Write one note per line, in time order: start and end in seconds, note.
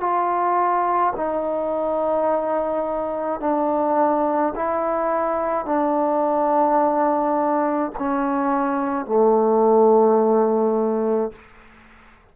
0.00 1.13 F4
1.16 3.40 D#4
3.40 4.53 D4
4.55 5.65 E4
5.65 7.91 D4
7.98 9.05 C#4
9.05 11.32 A3